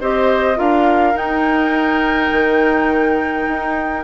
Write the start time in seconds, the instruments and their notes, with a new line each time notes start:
0.00 bassoon C4, clarinet G4, oboe C5, flute D#5
0.55 bassoon D4, clarinet F4, oboe A#4, flute F5
1.14 bassoon D#4, clarinet D#4, flute G5
2.31 bassoon D#3
3.48 bassoon D#4